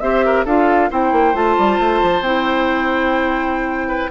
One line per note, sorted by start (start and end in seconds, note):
0.00 0.45 C4
0.00 0.46 G4
0.00 0.25 C5
0.00 0.44 E5
0.25 0.45 A#4
0.45 0.90 D4
0.45 0.90 F4
0.45 0.89 A4
0.45 0.91 F5
0.90 1.12 C4
0.90 1.34 E4
0.90 3.88 C5
0.90 1.36 G5
1.12 1.34 A#3
1.34 1.56 A3
1.34 2.23 F4
1.34 2.23 A5
1.58 1.79 G3
1.79 2.01 A3
2.02 2.21 F3
2.21 4.10 C4
2.21 4.11 E4
2.21 4.11 G5
3.88 4.10 B4